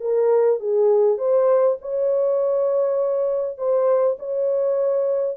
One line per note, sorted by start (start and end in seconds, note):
0.00 0.59 A#4
0.59 1.17 G#4
1.17 1.77 C5
1.81 3.57 C#5
3.57 4.17 C5
4.19 5.37 C#5